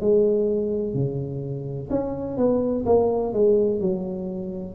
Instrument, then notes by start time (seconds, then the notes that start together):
tuba
0.00 G#3
0.94 C#3
1.90 C#4
2.37 B3
2.86 A#3
3.33 G#3
3.81 F#3